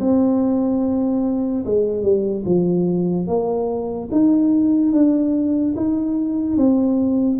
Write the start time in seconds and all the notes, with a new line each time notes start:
0.00 C4
1.65 G#3
2.02 G3
2.45 F3
3.27 A#3
4.12 D#4
4.92 D4
5.76 D#4
6.57 C4